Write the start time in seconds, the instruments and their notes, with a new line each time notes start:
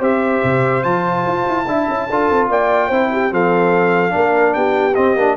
0.00 tuba C4, trombone G4, horn C5, trumpet E5
0.44 tuba C3
0.84 tuba F3, trombone F4, trumpet A5
1.26 tuba F4
1.48 tuba E4
1.67 tuba D4, trombone E4, horn E5
1.89 tuba C#4
2.10 tuba D4, trombone F4, horn A4
2.31 tuba C4
2.49 tuba A#3, horn D5, trumpet G5
2.88 tuba C4, trombone E4, horn C5
3.13 horn G4
3.31 tuba F3, trombone C4, horn A4, trumpet F5
4.10 tuba A#3, trombone D4
4.16 horn A#4
4.54 tuba B3, horn G4, trumpet G5
4.95 trombone C4, tuba C4, trumpet D#5
5.16 tuba A#3, trombone D4